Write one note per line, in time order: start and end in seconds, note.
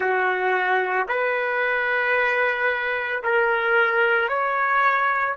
0.00 1.06 F#4
1.08 3.22 B4
3.23 4.28 A#4
4.28 5.35 C#5